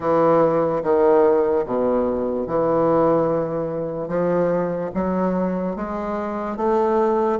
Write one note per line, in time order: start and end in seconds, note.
0.00 0.82 E3
0.83 1.65 D#3
1.65 2.47 B2
2.47 4.08 E3
4.08 4.90 F3
4.94 5.75 F#3
5.75 6.56 G#3
6.56 7.39 A3